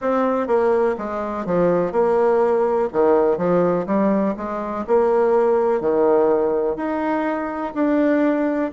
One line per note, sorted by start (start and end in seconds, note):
0.00 0.47 C4
0.47 0.95 A#3
0.98 1.45 G#3
1.45 1.91 F3
1.91 2.88 A#3
2.93 3.37 D#3
3.37 3.86 F3
3.86 4.35 G3
4.36 4.85 G#3
4.87 5.81 A#3
5.81 6.76 D#3
6.76 7.73 D#4
7.74 8.71 D4